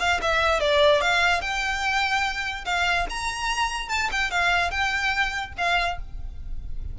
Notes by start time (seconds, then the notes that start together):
0.00 F5
0.22 E5
0.60 D5
1.02 F5
1.42 G5
2.66 F5
3.10 A#5
3.89 A5
4.12 G5
4.31 F5
4.71 G5
5.58 F5